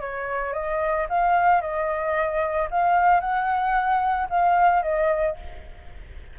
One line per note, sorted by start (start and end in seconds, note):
0.00 0.53 C#5
0.53 1.07 D#5
1.09 1.61 F5
1.61 2.68 D#5
2.71 3.20 F5
3.20 4.28 F#5
4.30 4.82 F5
4.82 5.36 D#5